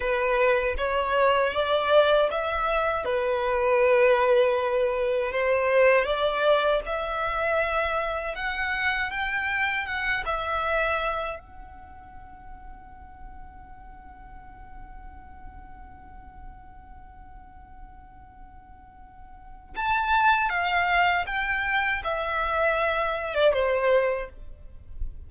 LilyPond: \new Staff \with { instrumentName = "violin" } { \time 4/4 \tempo 4 = 79 b'4 cis''4 d''4 e''4 | b'2. c''4 | d''4 e''2 fis''4 | g''4 fis''8 e''4. fis''4~ |
fis''1~ | fis''1~ | fis''2 a''4 f''4 | g''4 e''4.~ e''16 d''16 c''4 | }